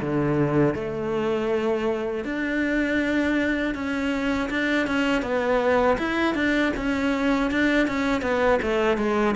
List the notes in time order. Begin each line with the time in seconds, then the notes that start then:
0.00 D3
0.74 A3
2.24 D4
3.74 C#4
4.49 D4
4.86 C#4
5.22 B3
5.98 E4
6.34 D4
6.76 C#4
7.51 D4
7.87 C#4
8.21 B3
8.61 A3
8.97 G#3